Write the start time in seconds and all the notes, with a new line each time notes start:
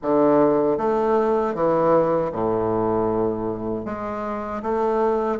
0.02 D3
0.77 A3
1.54 E3
2.31 A2
3.85 G#3
4.62 A3